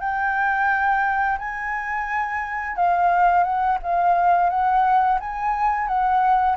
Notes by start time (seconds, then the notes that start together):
0.00 G5
1.38 G#5
2.76 F5
3.43 F#5
3.83 F5
4.50 F#5
5.20 G#5
5.87 F#5